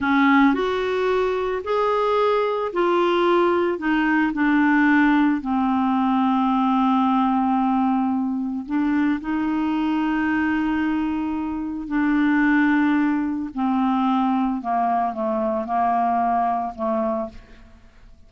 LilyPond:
\new Staff \with { instrumentName = "clarinet" } { \time 4/4 \tempo 4 = 111 cis'4 fis'2 gis'4~ | gis'4 f'2 dis'4 | d'2 c'2~ | c'1 |
d'4 dis'2.~ | dis'2 d'2~ | d'4 c'2 ais4 | a4 ais2 a4 | }